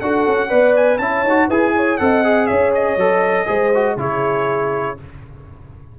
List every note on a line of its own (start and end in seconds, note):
0.00 0.26 D4
0.00 0.49 F#4
0.00 0.48 A4
0.00 0.74 F#5
0.26 0.51 C#4
0.48 0.98 B3
0.48 0.99 B4
0.48 0.98 D5
0.76 0.98 G#5
0.98 1.23 C#4
0.98 1.26 E4
0.98 1.47 C#5
0.98 1.47 A5
1.23 1.48 D#4
1.23 1.50 F#4
1.47 1.98 E4
1.47 1.99 G#4
1.47 1.72 B4
1.47 1.97 G#5
1.75 2.00 C#5
1.97 2.49 C4
1.97 2.23 A4
1.97 2.47 D#5
1.97 2.46 F#5
2.23 2.98 G#4
2.46 2.96 C#4
2.46 3.46 C#5
2.46 2.71 E5
2.74 3.98 D#5
2.96 3.46 F#3
2.96 3.46 A4
3.46 3.96 G#3
3.46 3.71 G#4
3.46 3.97 C5
3.74 3.98 F#4
3.96 4.95 C#3
3.96 4.97 E4
3.96 4.99 G#4
3.96 4.98 C#5